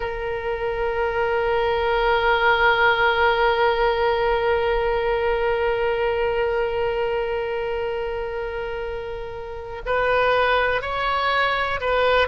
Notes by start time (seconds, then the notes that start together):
0.00 A#4
9.85 B4
10.82 C#5
11.80 B4